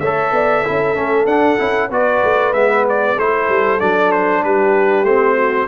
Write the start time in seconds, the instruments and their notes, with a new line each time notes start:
0.00 tuba A3, trombone A4, horn C#5, trumpet E5
0.32 tuba B3, horn D5
0.64 tuba C#4, trombone E4, horn A4
0.95 tuba A3, trombone C#4
1.25 tuba D4, trombone D4, trumpet F#5
1.58 tuba C#4, trombone E4
1.89 tuba B3, trombone F#4, horn B4, trumpet D5
2.23 tuba A3
2.53 tuba G#3, trombone B3, trumpet E5
2.89 trumpet D5
3.16 tuba A3, trombone E4, horn A4, trumpet C5
3.48 tuba G3
3.80 tuba F#3, trombone D4, trumpet D5
4.12 trumpet C5
4.42 tuba G3, horn G4, trumpet B4
5.03 tuba A3, trombone C4, trumpet C5
5.36 horn F#4